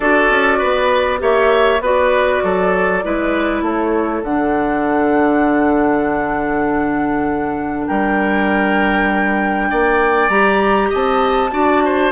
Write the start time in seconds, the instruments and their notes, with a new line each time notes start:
0.00 bassoon D4, clarinet F#4, oboe A4, flute D5
0.29 bassoon C#4
0.58 bassoon B3, oboe B4
1.18 bassoon A#3, clarinet G4, oboe C#5, flute E5
1.80 bassoon B3, clarinet F#4, oboe B4, flute D5
2.43 bassoon F#3, oboe A4
3.02 bassoon G#3, clarinet E4, oboe B4
3.61 bassoon A3, oboe A4, flute C#5
4.23 bassoon D3, clarinet D4, flute F#5
7.86 bassoon G3, oboe A#4, flute G5
9.70 bassoon A#3, oboe D5
10.29 bassoon G3, clarinet G4, flute A#5
10.89 bassoon C4, oboe D#5, flute A5
11.51 bassoon D4, clarinet F#4, oboe D5
11.84 oboe C5